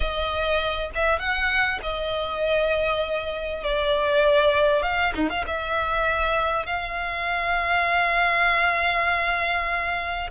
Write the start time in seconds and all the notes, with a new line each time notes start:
0.00 D#5
0.94 E5
1.19 F#5
1.82 D#5
3.63 D5
4.82 F5
5.15 D#4
5.29 F5
5.47 E5
6.66 F5